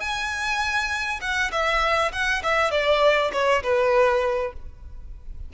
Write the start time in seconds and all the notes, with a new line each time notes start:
0.00 G#5
1.21 F#5
1.52 E5
2.12 F#5
2.43 E5
2.71 D5
3.33 C#5
3.63 B4